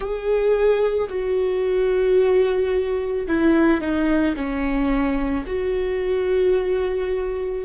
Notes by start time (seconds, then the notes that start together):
0.00 G#4
1.09 F#4
3.27 E4
3.80 D#4
4.35 C#4
5.46 F#4